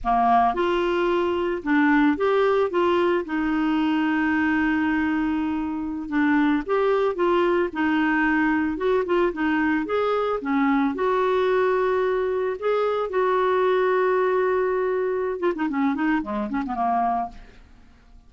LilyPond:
\new Staff \with { instrumentName = "clarinet" } { \time 4/4 \tempo 4 = 111 ais4 f'2 d'4 | g'4 f'4 dis'2~ | dis'2.~ dis'16 d'8.~ | d'16 g'4 f'4 dis'4.~ dis'16~ |
dis'16 fis'8 f'8 dis'4 gis'4 cis'8.~ | cis'16 fis'2. gis'8.~ | gis'16 fis'2.~ fis'8.~ | fis'8 f'16 dis'16 cis'8 dis'8 gis8 cis'16 b16 ais4 | }